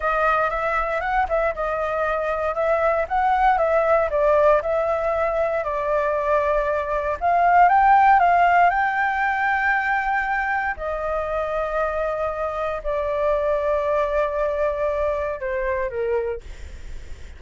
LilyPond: \new Staff \with { instrumentName = "flute" } { \time 4/4 \tempo 4 = 117 dis''4 e''4 fis''8 e''8 dis''4~ | dis''4 e''4 fis''4 e''4 | d''4 e''2 d''4~ | d''2 f''4 g''4 |
f''4 g''2.~ | g''4 dis''2.~ | dis''4 d''2.~ | d''2 c''4 ais'4 | }